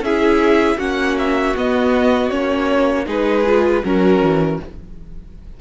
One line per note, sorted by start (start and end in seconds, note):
0.00 0.76 C#4
0.00 0.78 E4
0.00 0.77 G#4
0.00 0.79 E5
0.77 1.54 A#3
0.77 1.54 C#4
0.77 3.05 F#4
0.77 1.17 F#5
1.18 1.56 E5
1.56 2.30 B3
1.56 2.31 B3
1.56 2.29 D#5
2.29 3.06 A#3
2.29 3.05 C#4
2.29 3.05 C#5
3.05 3.82 G#3
3.05 3.43 D#4
3.05 3.82 G#4
3.05 3.84 B4
3.46 3.84 F4
3.84 4.21 F#3
3.84 4.60 C#4
3.84 4.60 F#4
3.84 4.60 A#4
4.21 4.59 E3